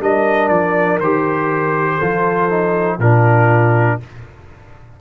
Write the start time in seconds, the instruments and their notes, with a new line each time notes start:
0.00 tuba G3, trombone D4, horn A#4, trumpet D#5
0.49 tuba F3, trumpet D5
0.99 tuba D#3, trombone G4, trumpet C5
1.97 tuba F3, trombone F4, horn A4
2.50 trombone D#4
2.98 tuba A#2, trombone D4, horn F4, trumpet A#4